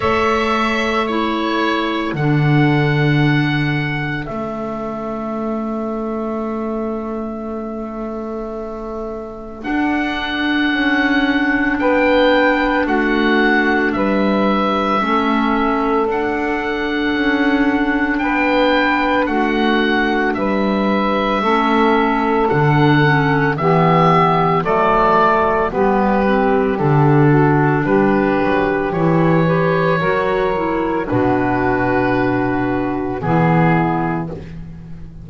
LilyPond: <<
  \new Staff \with { instrumentName = "oboe" } { \time 4/4 \tempo 4 = 56 e''4 cis''4 fis''2 | e''1~ | e''4 fis''2 g''4 | fis''4 e''2 fis''4~ |
fis''4 g''4 fis''4 e''4~ | e''4 fis''4 e''4 d''4 | b'4 a'4 b'4 cis''4~ | cis''4 b'2 gis'4 | }
  \new Staff \with { instrumentName = "saxophone" } { \time 4/4 cis''4 a'2.~ | a'1~ | a'2. b'4 | fis'4 b'4 a'2~ |
a'4 b'4 fis'4 b'4 | a'2 g'4 a'4 | g'4. fis'8 g'4. b'8 | ais'4 fis'2 e'4 | }
  \new Staff \with { instrumentName = "clarinet" } { \time 4/4 a'4 e'4 d'2 | cis'1~ | cis'4 d'2.~ | d'2 cis'4 d'4~ |
d'1 | cis'4 d'8 cis'8 b4 a4 | b8 c'8 d'2 e'8 g'8 | fis'8 e'8 d'2 b4 | }
  \new Staff \with { instrumentName = "double bass" } { \time 4/4 a2 d2 | a1~ | a4 d'4 cis'4 b4 | a4 g4 a4 d'4 |
cis'4 b4 a4 g4 | a4 d4 e4 fis4 | g4 d4 g8 fis8 e4 | fis4 b,2 e4 | }
>>